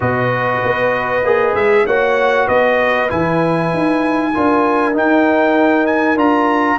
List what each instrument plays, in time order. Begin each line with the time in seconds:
0.00 tuba B2, trombone F#4, horn B4, trumpet D#5
0.64 tuba B3
1.23 tuba A#3, trombone G#4
1.55 tuba G#3, trumpet E5
1.86 tuba A#3, trombone F#4, horn C#5, trumpet F#5
2.45 tuba B3, horn B4, trumpet D#5
3.09 tuba E3, trombone E4, trumpet G#5
3.73 tuba D#4
4.34 tuba D4, trombone F4, horn A#4
4.93 trombone D#4, tuba D#4, trumpet G5
5.86 trumpet G#5
6.15 tuba D4, trombone F4, trumpet A#5